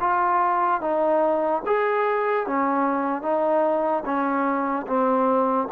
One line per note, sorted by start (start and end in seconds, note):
0.00 0.81 F4
0.81 1.62 D#4
1.66 2.46 G#4
2.46 3.22 C#4
3.22 4.03 D#4
4.05 4.86 C#4
4.86 5.68 C4